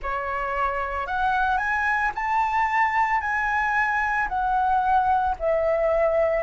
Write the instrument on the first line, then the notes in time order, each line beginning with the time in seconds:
flute
0.02 C#5
1.07 F#5
1.57 G#5
2.14 A5
3.20 G#5
4.28 F#5
5.39 E5